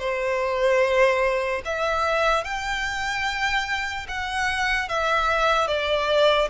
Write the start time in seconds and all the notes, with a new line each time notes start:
0.00 C5
1.66 E5
2.45 G5
4.09 F#5
4.89 E5
5.68 D5